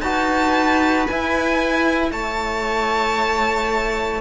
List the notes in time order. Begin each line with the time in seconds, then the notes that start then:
0.00 D#4 F#4 B4 A5
1.07 E4 G#5
2.11 A3 C#5 A5